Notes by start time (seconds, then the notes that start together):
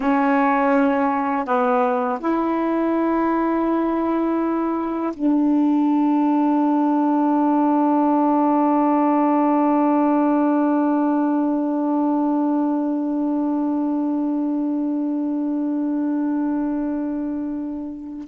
0.00 C#4
1.45 B3
2.19 E4
5.13 D4